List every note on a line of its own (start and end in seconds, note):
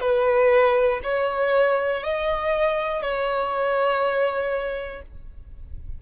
0.00 1.00 B4
1.03 2.03 C#5
2.03 3.02 D#5
3.02 5.02 C#5